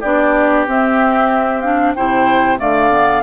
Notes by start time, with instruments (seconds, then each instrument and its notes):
0.00 bassoon B3, clarinet D4, oboe G4, flute D5
0.67 bassoon C4, clarinet C4, flute E5
1.60 clarinet D4, flute F5
1.94 bassoon C3, clarinet E4, oboe C5, flute G5
2.57 bassoon D3, clarinet A3, oboe D5, flute F5
2.90 clarinet B3